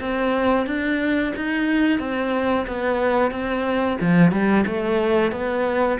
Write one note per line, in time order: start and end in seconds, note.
0.00 0.66 C4
0.66 1.33 D4
1.36 1.99 D#4
1.99 2.66 C4
2.67 3.31 B3
3.31 3.98 C4
4.01 4.32 F3
4.32 4.65 G3
4.66 5.32 A3
5.32 5.98 B3